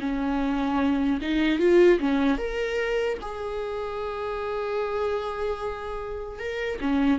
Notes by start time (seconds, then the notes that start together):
0.00 C#4
1.22 D#4
1.59 F4
2.00 C#4
2.38 A#4
3.21 G#4
6.39 A#4
6.81 C#4